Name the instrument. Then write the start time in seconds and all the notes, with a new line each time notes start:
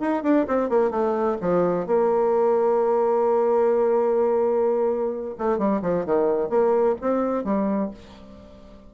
bassoon
0.00 D#4
0.23 D4
0.48 C4
0.70 A#3
0.91 A3
1.41 F3
1.87 A#3
5.38 A3
5.58 G3
5.82 F3
6.05 D#3
6.49 A#3
7.01 C4
7.44 G3